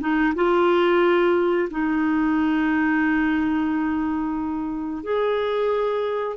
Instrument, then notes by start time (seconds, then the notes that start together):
clarinet
0.00 D#4
0.35 F4
1.70 D#4
5.03 G#4